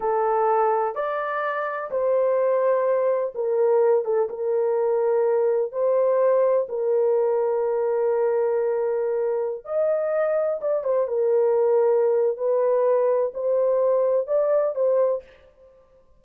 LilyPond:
\new Staff \with { instrumentName = "horn" } { \time 4/4 \tempo 4 = 126 a'2 d''2 | c''2. ais'4~ | ais'8 a'8 ais'2. | c''2 ais'2~ |
ais'1~ | ais'16 dis''2 d''8 c''8 ais'8.~ | ais'2 b'2 | c''2 d''4 c''4 | }